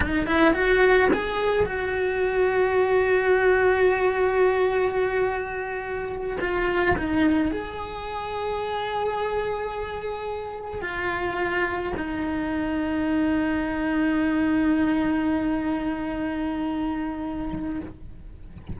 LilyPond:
\new Staff \with { instrumentName = "cello" } { \time 4/4 \tempo 4 = 108 dis'8 e'8 fis'4 gis'4 fis'4~ | fis'1~ | fis'2.~ fis'8 f'8~ | f'8 dis'4 gis'2~ gis'8~ |
gis'2.~ gis'8 f'8~ | f'4. dis'2~ dis'8~ | dis'1~ | dis'1 | }